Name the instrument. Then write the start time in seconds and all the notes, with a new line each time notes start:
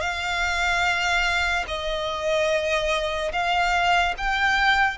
violin
0.00 F5
1.67 D#5
3.32 F5
4.17 G5